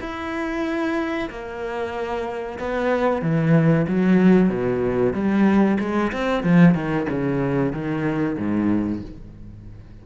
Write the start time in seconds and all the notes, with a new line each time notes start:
0.00 E4
1.29 A#3
2.59 B3
3.21 E3
3.87 F#3
4.49 B2
5.13 G3
5.79 G#3
6.12 C4
6.43 F3
6.74 D#3
7.09 C#3
7.72 D#3
8.37 G#2